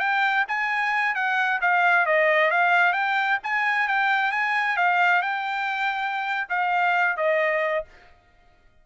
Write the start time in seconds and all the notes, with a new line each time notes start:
0.00 G5
0.48 G#5
1.15 F#5
1.61 F5
2.06 D#5
2.51 F5
2.93 G5
3.43 G#5
3.88 G5
4.32 G#5
4.77 F5
5.22 G5
6.49 F5
7.17 D#5